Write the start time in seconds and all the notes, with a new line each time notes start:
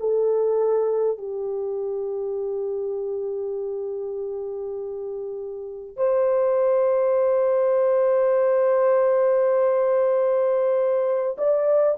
0.00 A4
1.18 G4
5.97 C5
11.38 D5